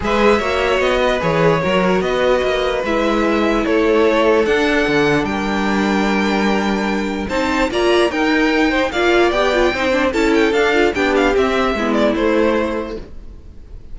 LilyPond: <<
  \new Staff \with { instrumentName = "violin" } { \time 4/4 \tempo 4 = 148 e''2 dis''4 cis''4~ | cis''4 dis''2 e''4~ | e''4 cis''2 fis''4~ | fis''4 g''2.~ |
g''2 a''4 ais''4 | g''2 f''4 g''4~ | g''4 a''8 g''8 f''4 g''8 f''8 | e''4. d''8 c''2 | }
  \new Staff \with { instrumentName = "violin" } { \time 4/4 b'4 cis''4. b'4. | ais'4 b'2.~ | b'4 a'2.~ | a'4 ais'2.~ |
ais'2 c''4 d''4 | ais'4. c''8 d''2 | c''4 a'2 g'4~ | g'4 e'2. | }
  \new Staff \with { instrumentName = "viola" } { \time 4/4 gis'4 fis'2 gis'4 | fis'2. e'4~ | e'2. d'4~ | d'1~ |
d'2 dis'4 f'4 | dis'2 f'4 g'8 f'8 | dis'8 d'8 e'4 d'8 f'8 d'4 | c'4 b4 a2 | }
  \new Staff \with { instrumentName = "cello" } { \time 4/4 gis4 ais4 b4 e4 | fis4 b4 ais4 gis4~ | gis4 a2 d'4 | d4 g2.~ |
g2 c'4 ais4 | dis'2 ais4 b4 | c'4 cis'4 d'4 b4 | c'4 gis4 a2 | }
>>